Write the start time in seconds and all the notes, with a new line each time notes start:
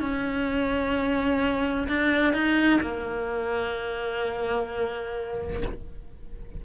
0.00 C#4
1.88 D4
2.34 D#4
2.81 A#3